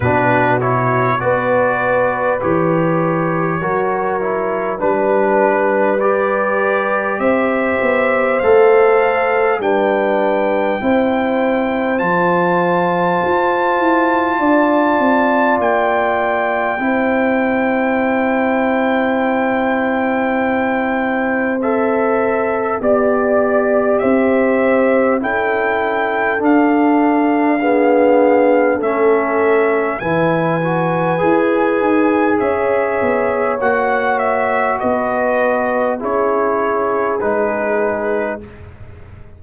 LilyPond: <<
  \new Staff \with { instrumentName = "trumpet" } { \time 4/4 \tempo 4 = 50 b'8 cis''8 d''4 cis''2 | b'4 d''4 e''4 f''4 | g''2 a''2~ | a''4 g''2.~ |
g''2 e''4 d''4 | e''4 g''4 f''2 | e''4 gis''2 e''4 | fis''8 e''8 dis''4 cis''4 b'4 | }
  \new Staff \with { instrumentName = "horn" } { \time 4/4 fis'4 b'2 ais'4 | b'2 c''2 | b'4 c''2. | d''2 c''2~ |
c''2. d''4 | c''4 a'2 gis'4 | a'4 b'2 cis''4~ | cis''4 b'4 gis'2 | }
  \new Staff \with { instrumentName = "trombone" } { \time 4/4 d'8 e'8 fis'4 g'4 fis'8 e'8 | d'4 g'2 a'4 | d'4 e'4 f'2~ | f'2 e'2~ |
e'2 a'4 g'4~ | g'4 e'4 d'4 b4 | cis'4 e'8 fis'8 gis'2 | fis'2 e'4 dis'4 | }
  \new Staff \with { instrumentName = "tuba" } { \time 4/4 b,4 b4 e4 fis4 | g2 c'8 b8 a4 | g4 c'4 f4 f'8 e'8 | d'8 c'8 ais4 c'2~ |
c'2. b4 | c'4 cis'4 d'2 | a4 e4 e'8 dis'8 cis'8 b8 | ais4 b4 cis'4 gis4 | }
>>